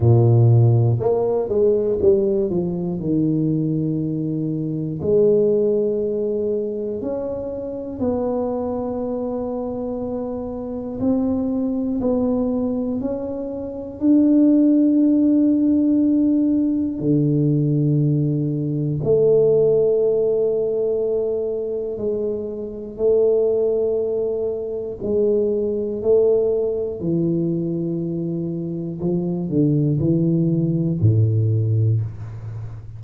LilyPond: \new Staff \with { instrumentName = "tuba" } { \time 4/4 \tempo 4 = 60 ais,4 ais8 gis8 g8 f8 dis4~ | dis4 gis2 cis'4 | b2. c'4 | b4 cis'4 d'2~ |
d'4 d2 a4~ | a2 gis4 a4~ | a4 gis4 a4 e4~ | e4 f8 d8 e4 a,4 | }